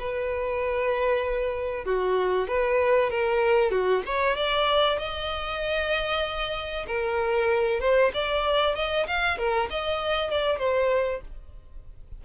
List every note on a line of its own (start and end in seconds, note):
0.00 1.86 B4
1.86 2.48 F#4
2.48 3.11 B4
3.11 3.72 A#4
3.72 4.03 F#4
4.07 4.37 C#5
4.37 4.99 D5
4.99 6.86 D#5
6.88 7.81 A#4
7.81 8.12 C5
8.14 8.76 D5
8.76 9.07 D#5
9.07 9.38 F5
9.38 9.70 A#4
9.70 10.31 D#5
10.31 10.59 D5
10.59 11.22 C5